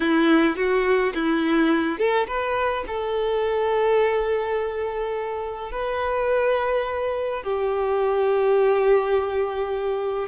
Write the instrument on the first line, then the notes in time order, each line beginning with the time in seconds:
violin
0.00 E4
0.56 F#4
1.14 E4
1.98 A4
2.27 B4
2.87 A4
5.71 B4
7.43 G4